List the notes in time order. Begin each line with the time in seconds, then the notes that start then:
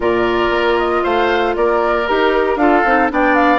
0.00 A#2 F4 A#4 D5
0.50 A#3
0.78 D#5
1.03 A3 C5 F5
1.55 A#3 A#4 D5
2.07 D#4 G4 A#4
2.56 D4 F4 A4 F5
2.84 C4 D#4
3.09 B3 D4 D5 G5
3.34 F5